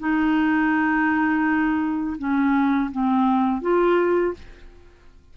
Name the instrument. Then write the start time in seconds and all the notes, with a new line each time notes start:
clarinet
0.00 D#4
2.19 C#4
2.92 C4
3.62 F4